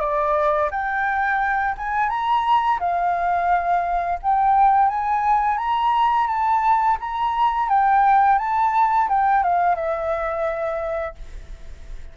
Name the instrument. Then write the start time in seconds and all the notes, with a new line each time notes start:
flute
0.00 D5
0.71 G5
1.78 G#5
2.09 A#5
2.80 F5
4.22 G5
4.88 G#5
5.58 A#5
6.27 A5
7.00 A#5
7.69 G5
8.38 A5
9.09 G5
9.43 F5
9.75 E5